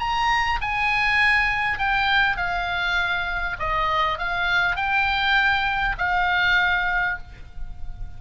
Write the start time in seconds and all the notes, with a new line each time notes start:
0.00 A#5
0.61 G#5
1.79 G5
2.37 F5
3.59 D#5
4.19 F5
4.76 G5
5.98 F5